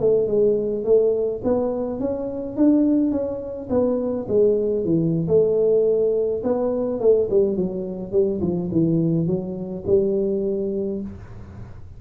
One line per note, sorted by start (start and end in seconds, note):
0.00 0.28 A3
0.28 0.84 G#3
0.84 1.41 A3
1.44 2.00 B3
2.00 2.57 C#4
2.57 3.11 D4
3.11 3.69 C#4
3.70 4.27 B3
4.28 4.84 G#3
4.84 5.27 E3
5.28 6.42 A3
6.44 7.00 B3
7.00 7.29 A3
7.30 7.57 G3
7.57 8.12 F#3
8.12 8.40 G3
8.41 8.70 F3
8.72 9.27 E3
9.27 9.84 F#3
9.87 11.01 G3